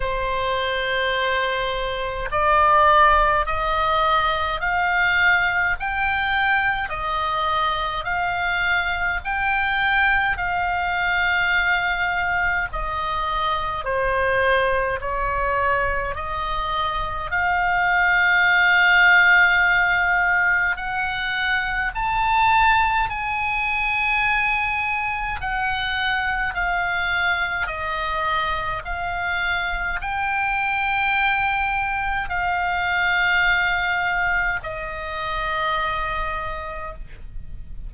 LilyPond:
\new Staff \with { instrumentName = "oboe" } { \time 4/4 \tempo 4 = 52 c''2 d''4 dis''4 | f''4 g''4 dis''4 f''4 | g''4 f''2 dis''4 | c''4 cis''4 dis''4 f''4~ |
f''2 fis''4 a''4 | gis''2 fis''4 f''4 | dis''4 f''4 g''2 | f''2 dis''2 | }